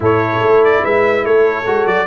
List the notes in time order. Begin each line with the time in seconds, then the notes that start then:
0.00 A2 E4 A4 C#5
0.41 A3
0.64 D5
0.83 G#3 B4 E5
1.25 A3 A4 C#5
1.66 G#3 F#4
1.86 F#3 D5